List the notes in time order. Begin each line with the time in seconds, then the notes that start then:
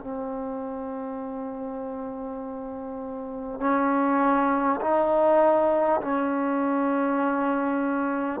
0.00 C4
3.60 C#4
4.80 D#4
6.01 C#4